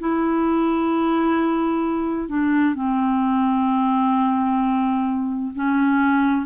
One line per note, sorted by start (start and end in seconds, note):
0.00 2.29 E4
2.29 2.75 D4
2.75 5.52 C4
5.56 6.46 C#4